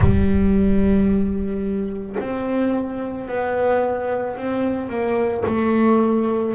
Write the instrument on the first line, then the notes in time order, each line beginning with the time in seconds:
double bass
0.00 G3
2.19 C4
3.27 B3
4.36 C4
4.88 A#3
5.45 A3